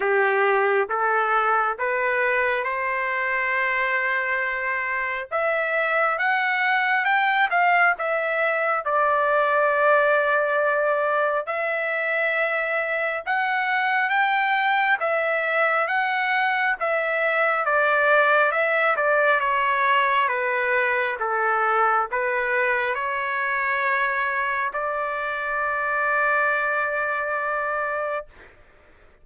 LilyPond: \new Staff \with { instrumentName = "trumpet" } { \time 4/4 \tempo 4 = 68 g'4 a'4 b'4 c''4~ | c''2 e''4 fis''4 | g''8 f''8 e''4 d''2~ | d''4 e''2 fis''4 |
g''4 e''4 fis''4 e''4 | d''4 e''8 d''8 cis''4 b'4 | a'4 b'4 cis''2 | d''1 | }